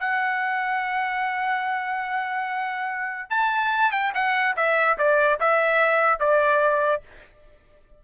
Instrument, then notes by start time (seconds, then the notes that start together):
trumpet
0.00 F#5
3.30 A5
3.92 G5
4.15 F#5
4.57 E5
4.98 D5
5.41 E5
6.20 D5